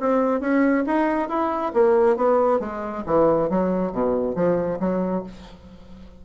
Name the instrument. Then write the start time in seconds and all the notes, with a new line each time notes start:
bassoon
0.00 C4
0.40 C#4
0.87 D#4
1.29 E4
1.74 A#3
2.16 B3
2.60 G#3
3.06 E3
3.50 F#3
3.92 B2
4.35 F3
4.80 F#3